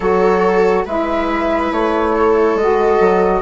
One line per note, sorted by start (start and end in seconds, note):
0.00 0.85 F#3
0.00 0.86 F#4
0.00 0.85 A4
0.00 0.84 C#5
0.85 1.71 G#3
0.85 2.59 E4
0.85 2.13 B4
0.85 1.72 E5
1.71 2.54 A3
1.71 2.57 C#5
2.14 3.41 A4
2.54 2.97 G#3
2.54 3.41 F#4
2.54 3.41 D#5
3.00 3.41 F#3